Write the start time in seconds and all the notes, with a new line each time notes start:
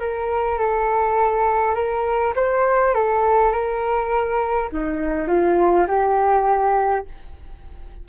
0.00 A#4
0.59 A4
1.75 A#4
2.36 C5
2.95 A4
3.52 A#4
4.72 D#4
5.28 F4
5.88 G4